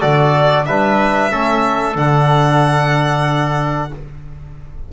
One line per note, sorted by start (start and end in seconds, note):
0.00 0.67 D3
0.00 0.66 F#4
0.00 0.65 A4
0.00 0.66 D5
0.66 1.33 G3
0.66 1.31 D4
0.66 1.31 B4
0.66 1.96 E5
1.31 1.95 A3
1.31 1.96 C#4
1.31 3.92 A4
1.95 3.91 D3
1.95 3.91 D4
1.95 3.92 F#5